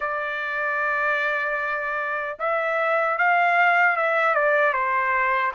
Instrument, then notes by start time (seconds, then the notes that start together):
trumpet
0.00 D5
2.39 E5
3.18 F5
3.96 E5
4.34 D5
4.73 C5